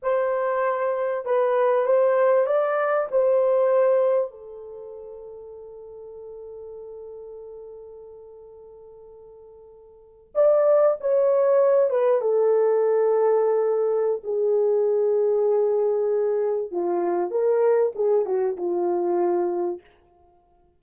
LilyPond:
\new Staff \with { instrumentName = "horn" } { \time 4/4 \tempo 4 = 97 c''2 b'4 c''4 | d''4 c''2 a'4~ | a'1~ | a'1~ |
a'8. d''4 cis''4. b'8 a'16~ | a'2. gis'4~ | gis'2. f'4 | ais'4 gis'8 fis'8 f'2 | }